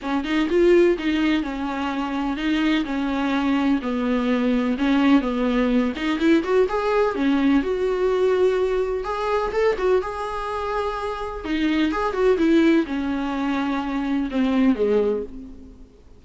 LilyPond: \new Staff \with { instrumentName = "viola" } { \time 4/4 \tempo 4 = 126 cis'8 dis'8 f'4 dis'4 cis'4~ | cis'4 dis'4 cis'2 | b2 cis'4 b4~ | b8 dis'8 e'8 fis'8 gis'4 cis'4 |
fis'2. gis'4 | a'8 fis'8 gis'2. | dis'4 gis'8 fis'8 e'4 cis'4~ | cis'2 c'4 gis4 | }